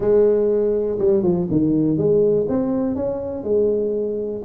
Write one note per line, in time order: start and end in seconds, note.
0.00 0.98 G#3
0.98 1.23 G3
1.23 1.47 F3
1.50 1.97 D#3
1.97 2.46 G#3
2.48 2.95 C4
2.95 3.43 C#4
3.43 4.42 G#3